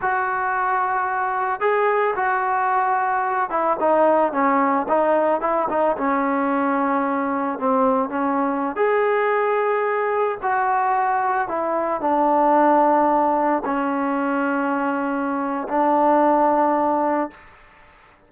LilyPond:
\new Staff \with { instrumentName = "trombone" } { \time 4/4 \tempo 4 = 111 fis'2. gis'4 | fis'2~ fis'8 e'8 dis'4 | cis'4 dis'4 e'8 dis'8 cis'4~ | cis'2 c'4 cis'4~ |
cis'16 gis'2. fis'8.~ | fis'4~ fis'16 e'4 d'4.~ d'16~ | d'4~ d'16 cis'2~ cis'8.~ | cis'4 d'2. | }